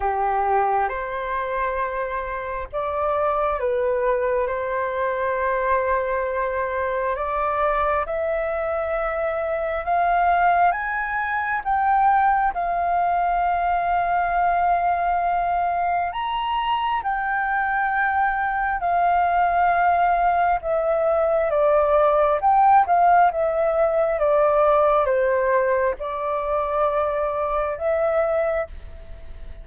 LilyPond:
\new Staff \with { instrumentName = "flute" } { \time 4/4 \tempo 4 = 67 g'4 c''2 d''4 | b'4 c''2. | d''4 e''2 f''4 | gis''4 g''4 f''2~ |
f''2 ais''4 g''4~ | g''4 f''2 e''4 | d''4 g''8 f''8 e''4 d''4 | c''4 d''2 e''4 | }